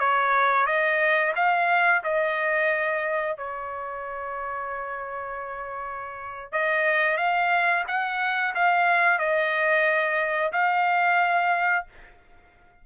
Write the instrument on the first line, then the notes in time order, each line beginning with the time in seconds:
trumpet
0.00 C#5
0.67 D#5
1.36 F5
2.04 D#5
3.38 C#5
6.52 D#5
7.18 F5
7.88 F#5
8.55 F5
9.19 D#5
10.53 F5